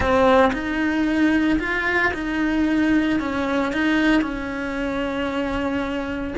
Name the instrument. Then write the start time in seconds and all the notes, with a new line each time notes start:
cello
0.00 C4
0.52 D#4
1.59 F4
2.13 D#4
3.19 C#4
3.72 D#4
4.21 C#4